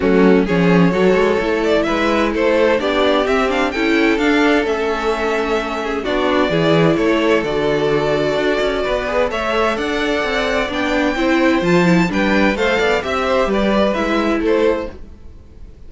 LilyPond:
<<
  \new Staff \with { instrumentName = "violin" } { \time 4/4 \tempo 4 = 129 fis'4 cis''2~ cis''8 d''8 | e''4 c''4 d''4 e''8 f''8 | g''4 f''4 e''2~ | e''4 d''2 cis''4 |
d''1 | e''4 fis''2 g''4~ | g''4 a''4 g''4 f''4 | e''4 d''4 e''4 c''4 | }
  \new Staff \with { instrumentName = "violin" } { \time 4/4 cis'4 gis'4 a'2 | b'4 a'4 g'2 | a'1~ | a'8 gis'8 fis'4 gis'4 a'4~ |
a'2. b'4 | cis''4 d''2. | c''2 b'4 c''8 d''8 | e''8 c''8 b'2 a'4 | }
  \new Staff \with { instrumentName = "viola" } { \time 4/4 a4 cis'4 fis'4 e'4~ | e'2 d'4 c'8 d'8 | e'4 d'4 cis'2~ | cis'4 d'4 e'2 |
fis'2.~ fis'8 gis'8 | a'2. d'4 | e'4 f'8 e'8 d'4 a'4 | g'2 e'2 | }
  \new Staff \with { instrumentName = "cello" } { \time 4/4 fis4 f4 fis8 gis8 a4 | gis4 a4 b4 c'4 | cis'4 d'4 a2~ | a4 b4 e4 a4 |
d2 d'8 cis'8 b4 | a4 d'4 c'4 b4 | c'4 f4 g4 a8 b8 | c'4 g4 gis4 a4 | }
>>